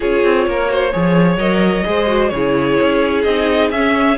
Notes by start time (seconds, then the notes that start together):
0.00 C#4 F4 G#4 C#5
0.24 C4
0.46 A#3 A#4
0.67 F#4 C5
0.92 F3 G#4 C#5
1.36 F#3 A#4 D#5
1.84 G#3 G#4 C5
2.07 F#4
2.28 C#3 G#4 C#5
2.35 E4
2.81 C#4
3.23 C4 D#4 D#5
3.71 C#4 E5